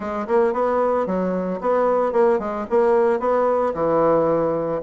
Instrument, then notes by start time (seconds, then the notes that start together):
bassoon
0.00 G#3
0.27 A#3
0.53 B3
1.06 F#3
1.60 B3
2.12 A#3
2.39 G#3
2.69 A#3
3.19 B3
3.74 E3